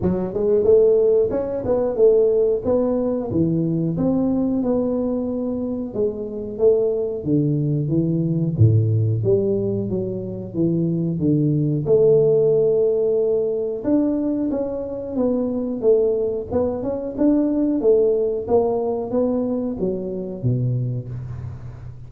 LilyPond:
\new Staff \with { instrumentName = "tuba" } { \time 4/4 \tempo 4 = 91 fis8 gis8 a4 cis'8 b8 a4 | b4 e4 c'4 b4~ | b4 gis4 a4 d4 | e4 a,4 g4 fis4 |
e4 d4 a2~ | a4 d'4 cis'4 b4 | a4 b8 cis'8 d'4 a4 | ais4 b4 fis4 b,4 | }